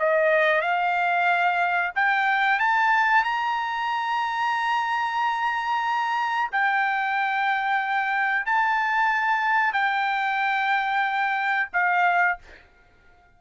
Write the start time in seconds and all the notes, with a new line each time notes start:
0.00 D#5
0.62 F5
1.96 G5
2.60 A5
3.24 A#5
6.52 G5
8.46 A5
9.74 G5
11.74 F5